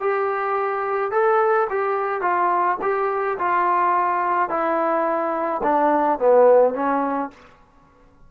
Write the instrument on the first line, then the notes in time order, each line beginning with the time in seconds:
trombone
0.00 G4
1.11 A4
1.69 G4
2.21 F4
2.81 G4
3.38 F4
4.49 E4
5.63 D4
6.19 B3
6.74 C#4